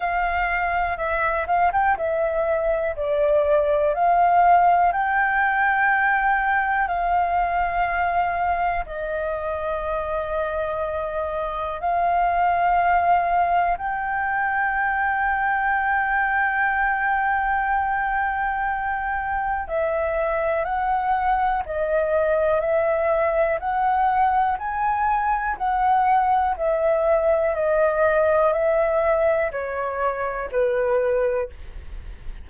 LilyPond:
\new Staff \with { instrumentName = "flute" } { \time 4/4 \tempo 4 = 61 f''4 e''8 f''16 g''16 e''4 d''4 | f''4 g''2 f''4~ | f''4 dis''2. | f''2 g''2~ |
g''1 | e''4 fis''4 dis''4 e''4 | fis''4 gis''4 fis''4 e''4 | dis''4 e''4 cis''4 b'4 | }